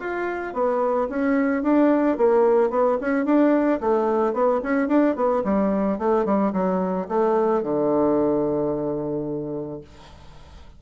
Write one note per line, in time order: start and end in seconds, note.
0.00 0.54 F4
0.54 1.09 B3
1.10 1.63 C#4
1.63 2.18 D4
2.18 2.71 A#3
2.71 2.98 B3
3.01 3.26 C#4
3.26 3.80 D4
3.81 4.34 A3
4.34 4.61 B3
4.63 4.89 C#4
4.89 5.16 D4
5.16 5.43 B3
5.45 5.99 G3
5.99 6.26 A3
6.26 6.53 G3
6.53 7.08 F#3
7.09 7.63 A3
7.63 9.82 D3